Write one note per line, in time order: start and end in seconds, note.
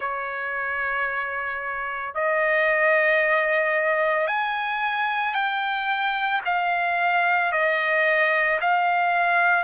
0.00 2.14 C#5
2.14 4.27 D#5
4.27 5.34 G#5
5.34 6.41 G5
6.45 7.51 F5
7.51 8.59 D#5
8.60 9.63 F5